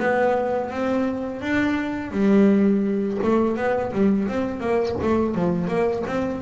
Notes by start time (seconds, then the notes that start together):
0.00 B3
0.71 C4
1.42 D4
2.11 G3
3.23 A3
3.57 B3
3.93 G3
4.29 C4
4.60 A#3
5.02 A3
5.35 F3
5.68 A#3
6.07 C4